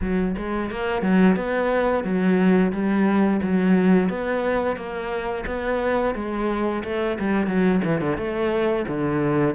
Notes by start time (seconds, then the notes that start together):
0.01 F#3
0.37 G#3
0.70 A#3
1.02 F#3
1.36 B3
2.04 F#3
2.72 G3
3.42 F#3
4.09 B3
4.76 A#3
5.46 B3
6.15 G#3
6.84 A3
7.19 G3
7.47 F#3
7.84 E3
8.00 D3
8.17 A3
8.88 D3